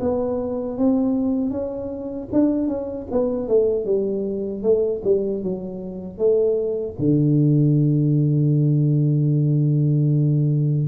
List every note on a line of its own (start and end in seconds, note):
0.00 0.78 B3
0.78 1.51 C4
1.51 2.28 C#4
2.32 2.67 D4
2.67 3.06 C#4
3.11 3.48 B3
3.48 3.85 A3
3.85 4.63 G3
4.63 5.02 A3
5.04 5.43 G3
5.43 6.18 F#3
6.18 6.96 A3
6.99 10.88 D3